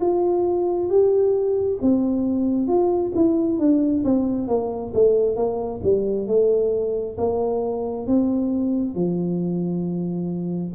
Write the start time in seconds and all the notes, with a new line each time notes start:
0.00 F4
0.89 G4
1.82 C4
2.67 F4
3.15 E4
3.59 D4
4.04 C4
4.47 A#3
4.93 A3
5.36 A#3
5.82 G3
6.27 A3
7.17 A#3
8.06 C4
8.94 F3